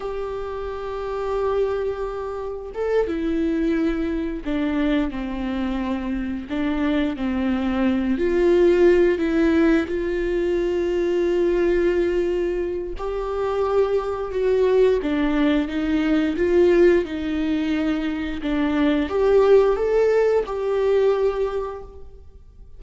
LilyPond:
\new Staff \with { instrumentName = "viola" } { \time 4/4 \tempo 4 = 88 g'1 | a'8 e'2 d'4 c'8~ | c'4. d'4 c'4. | f'4. e'4 f'4.~ |
f'2. g'4~ | g'4 fis'4 d'4 dis'4 | f'4 dis'2 d'4 | g'4 a'4 g'2 | }